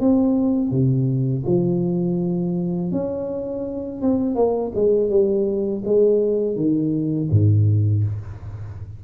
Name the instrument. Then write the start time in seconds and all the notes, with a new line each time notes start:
tuba
0.00 C4
0.71 C3
1.46 F3
2.92 C#4
4.02 C4
4.35 A#3
4.75 G#3
5.10 G3
5.85 G#3
6.56 D#3
7.31 G#2